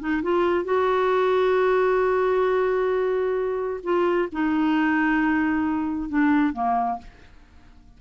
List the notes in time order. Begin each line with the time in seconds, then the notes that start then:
0.00 D#4
0.23 F4
0.65 F#4
3.84 F4
4.32 D#4
6.09 D4
6.53 A#3